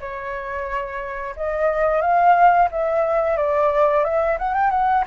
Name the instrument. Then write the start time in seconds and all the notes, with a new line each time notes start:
flute
0.00 C#5
1.36 D#5
2.01 F5
2.71 E5
3.37 D5
4.04 E5
4.38 F#5
4.54 G5
4.70 F#5